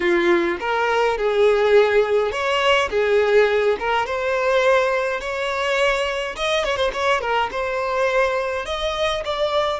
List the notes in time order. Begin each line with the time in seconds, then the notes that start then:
0.00 F4
0.60 A#4
1.17 G#4
2.31 C#5
2.90 G#4
3.79 A#4
4.05 C5
5.20 C#5
6.36 D#5
6.64 C#5
6.76 C5
6.93 C#5
7.20 A#4
7.51 C5
8.65 D#5
9.24 D5